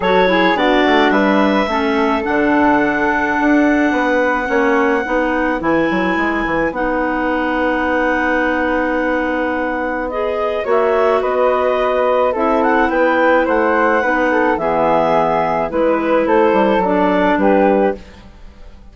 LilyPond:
<<
  \new Staff \with { instrumentName = "clarinet" } { \time 4/4 \tempo 4 = 107 cis''4 d''4 e''2 | fis''1~ | fis''2 gis''2 | fis''1~ |
fis''2 dis''4 e''4 | dis''2 e''8 fis''8 g''4 | fis''2 e''2 | b'4 c''4 d''4 b'4 | }
  \new Staff \with { instrumentName = "flute" } { \time 4/4 a'8 gis'8 fis'4 b'4 a'4~ | a'2. b'4 | cis''4 b'2.~ | b'1~ |
b'2. cis''4 | b'2 a'4 b'4 | c''4 b'8 a'8 gis'2 | b'4 a'2 g'4 | }
  \new Staff \with { instrumentName = "clarinet" } { \time 4/4 fis'8 e'8 d'2 cis'4 | d'1 | cis'4 dis'4 e'2 | dis'1~ |
dis'2 gis'4 fis'4~ | fis'2 e'2~ | e'4 dis'4 b2 | e'2 d'2 | }
  \new Staff \with { instrumentName = "bassoon" } { \time 4/4 fis4 b8 a8 g4 a4 | d2 d'4 b4 | ais4 b4 e8 fis8 gis8 e8 | b1~ |
b2. ais4 | b2 c'4 b4 | a4 b4 e2 | gis4 a8 g8 fis4 g4 | }
>>